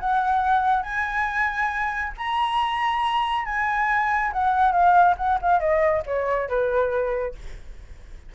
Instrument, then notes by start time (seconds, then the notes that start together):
flute
0.00 F#5
0.83 G#5
2.18 A#5
3.46 G#5
4.33 F#5
4.72 F5
5.17 F#5
5.42 F5
5.60 D#5
6.06 C#5
6.49 B4